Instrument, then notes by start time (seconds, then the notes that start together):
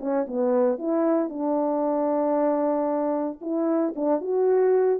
horn
0.00 C#4
0.28 B3
0.78 E4
1.29 D4
3.41 E4
3.96 D4
4.21 F#4